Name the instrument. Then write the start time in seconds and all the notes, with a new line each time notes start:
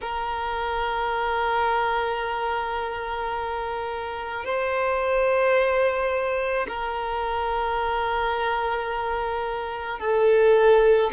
violin
0.01 A#4
4.44 C5
6.68 A#4
9.99 A4